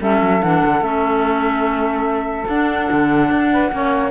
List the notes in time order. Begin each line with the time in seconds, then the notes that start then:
0.00 G3 C#4 A4 E5
0.21 F#3
0.42 E3 D4 F#5
0.65 D3
0.80 A3 C#4 E5
2.47 D4 F#5
2.91 D3
3.30 D4
3.51 B4
3.71 A#3 C#4 C#5